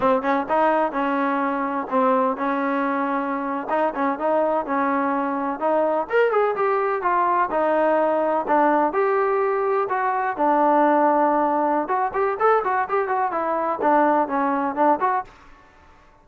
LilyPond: \new Staff \with { instrumentName = "trombone" } { \time 4/4 \tempo 4 = 126 c'8 cis'8 dis'4 cis'2 | c'4 cis'2~ cis'8. dis'16~ | dis'16 cis'8 dis'4 cis'2 dis'16~ | dis'8. ais'8 gis'8 g'4 f'4 dis'16~ |
dis'4.~ dis'16 d'4 g'4~ g'16~ | g'8. fis'4 d'2~ d'16~ | d'4 fis'8 g'8 a'8 fis'8 g'8 fis'8 | e'4 d'4 cis'4 d'8 fis'8 | }